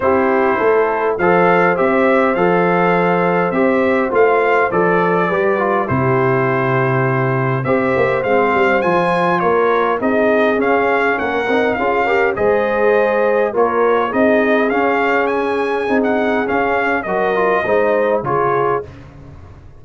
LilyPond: <<
  \new Staff \with { instrumentName = "trumpet" } { \time 4/4 \tempo 4 = 102 c''2 f''4 e''4 | f''2 e''4 f''4 | d''2 c''2~ | c''4 e''4 f''4 gis''4 |
cis''4 dis''4 f''4 fis''4 | f''4 dis''2 cis''4 | dis''4 f''4 gis''4~ gis''16 fis''8. | f''4 dis''2 cis''4 | }
  \new Staff \with { instrumentName = "horn" } { \time 4/4 g'4 a'4 c''2~ | c''1~ | c''4 b'4 g'2~ | g'4 c''2. |
ais'4 gis'2 ais'4 | gis'8 ais'8 c''2 ais'4 | gis'1~ | gis'4 ais'4 c''4 gis'4 | }
  \new Staff \with { instrumentName = "trombone" } { \time 4/4 e'2 a'4 g'4 | a'2 g'4 f'4 | a'4 g'8 f'8 e'2~ | e'4 g'4 c'4 f'4~ |
f'4 dis'4 cis'4. dis'8 | f'8 g'8 gis'2 f'4 | dis'4 cis'2 dis'4 | cis'4 fis'8 f'8 dis'4 f'4 | }
  \new Staff \with { instrumentName = "tuba" } { \time 4/4 c'4 a4 f4 c'4 | f2 c'4 a4 | f4 g4 c2~ | c4 c'8 ais8 gis8 g8 f4 |
ais4 c'4 cis'4 ais8 c'8 | cis'4 gis2 ais4 | c'4 cis'2 c'4 | cis'4 fis4 gis4 cis4 | }
>>